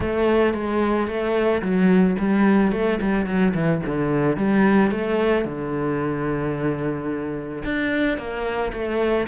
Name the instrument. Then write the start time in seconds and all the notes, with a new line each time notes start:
cello
0.00 A3
0.53 G#3
1.07 A3
1.61 F#3
2.18 G3
2.71 A3
3.01 G3
3.26 F#3
3.54 E3
3.86 D3
4.36 G3
4.91 A3
5.44 D3
7.64 D4
8.17 A#3
8.72 A3